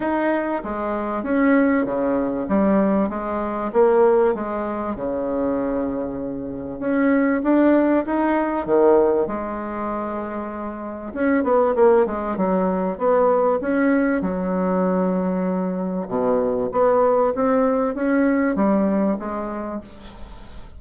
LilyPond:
\new Staff \with { instrumentName = "bassoon" } { \time 4/4 \tempo 4 = 97 dis'4 gis4 cis'4 cis4 | g4 gis4 ais4 gis4 | cis2. cis'4 | d'4 dis'4 dis4 gis4~ |
gis2 cis'8 b8 ais8 gis8 | fis4 b4 cis'4 fis4~ | fis2 b,4 b4 | c'4 cis'4 g4 gis4 | }